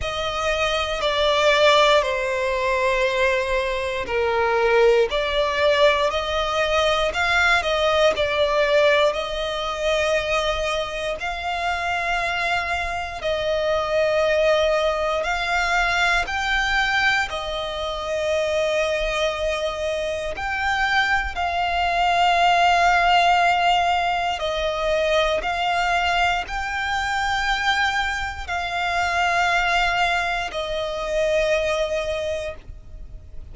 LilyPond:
\new Staff \with { instrumentName = "violin" } { \time 4/4 \tempo 4 = 59 dis''4 d''4 c''2 | ais'4 d''4 dis''4 f''8 dis''8 | d''4 dis''2 f''4~ | f''4 dis''2 f''4 |
g''4 dis''2. | g''4 f''2. | dis''4 f''4 g''2 | f''2 dis''2 | }